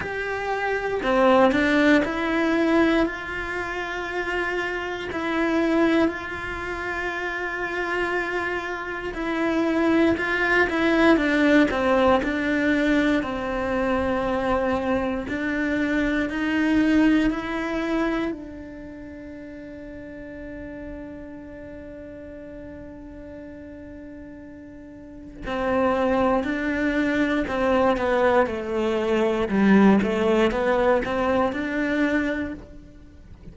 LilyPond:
\new Staff \with { instrumentName = "cello" } { \time 4/4 \tempo 4 = 59 g'4 c'8 d'8 e'4 f'4~ | f'4 e'4 f'2~ | f'4 e'4 f'8 e'8 d'8 c'8 | d'4 c'2 d'4 |
dis'4 e'4 d'2~ | d'1~ | d'4 c'4 d'4 c'8 b8 | a4 g8 a8 b8 c'8 d'4 | }